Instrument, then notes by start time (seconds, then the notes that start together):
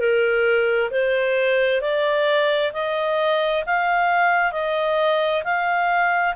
clarinet
0.00 A#4
0.91 C5
1.81 D5
2.73 D#5
3.67 F5
4.52 D#5
5.44 F5